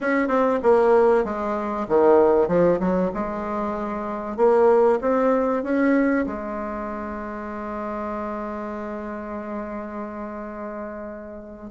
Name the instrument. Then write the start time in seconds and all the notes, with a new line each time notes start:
bassoon
0.01 C#4
0.28 C4
0.62 A#3
1.24 G#3
1.88 D#3
2.48 F3
2.79 F#3
3.14 G#3
4.36 A#3
5.01 C4
5.63 C#4
6.26 G#3